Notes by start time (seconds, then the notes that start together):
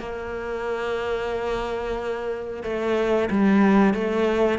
0.00 A#3
2.63 A3
3.31 G3
3.94 A3